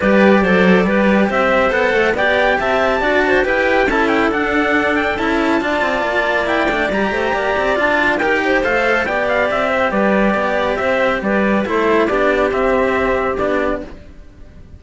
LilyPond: <<
  \new Staff \with { instrumentName = "trumpet" } { \time 4/4 \tempo 4 = 139 d''2. e''4 | fis''4 g''4 a''2 | g''4 a''8 g''8 fis''4. g''8 | a''2. g''4 |
ais''2 a''4 g''4 | f''4 g''8 f''8 e''4 d''4~ | d''4 e''4 d''4 c''4 | d''4 e''2 d''4 | }
  \new Staff \with { instrumentName = "clarinet" } { \time 4/4 b'4 c''4 b'4 c''4~ | c''4 d''4 e''4 d''8 c''8 | b'4 a'2.~ | a'4 d''2.~ |
d''8 c''8 d''2 ais'8 c''8~ | c''4 d''4. c''8 b'4 | d''4 c''4 b'4 a'4 | g'1 | }
  \new Staff \with { instrumentName = "cello" } { \time 4/4 g'4 a'4 g'2 | a'4 g'2 fis'4 | g'4 e'4 d'2 | e'4 f'2 e'8 d'8 |
g'2 f'4 g'4 | a'4 g'2.~ | g'2. e'4 | d'4 c'2 d'4 | }
  \new Staff \with { instrumentName = "cello" } { \time 4/4 g4 fis4 g4 c'4 | b8 a8 b4 c'4 d'4 | e'4 cis'4 d'2 | cis'4 d'8 c'8 ais4. a8 |
g8 a8 ais8 c'8 d'4 dis'4 | a4 b4 c'4 g4 | b4 c'4 g4 a4 | b4 c'2 b4 | }
>>